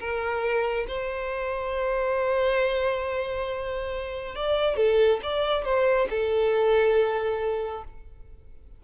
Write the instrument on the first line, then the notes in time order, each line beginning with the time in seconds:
violin
0.00 A#4
0.88 C5
4.36 D5
4.77 A4
5.23 D5
5.65 C5
6.10 A4